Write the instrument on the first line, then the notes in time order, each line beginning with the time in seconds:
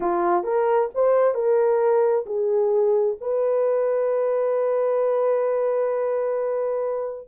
horn
0.00 F4
0.43 A#4
0.94 C5
1.34 A#4
2.26 G#4
3.20 B4